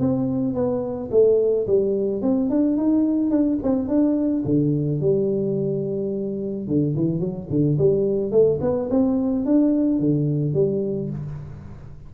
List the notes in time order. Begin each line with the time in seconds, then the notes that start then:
0.00 C4
0.55 B3
1.12 A3
1.67 G3
2.22 C4
2.50 D4
2.77 D#4
3.31 D4
3.64 C4
3.89 D4
4.45 D3
5.01 G3
6.68 D3
6.96 E3
7.20 F#3
7.51 D3
7.79 G3
8.32 A3
8.62 B3
8.91 C4
9.46 D4
10.00 D3
10.54 G3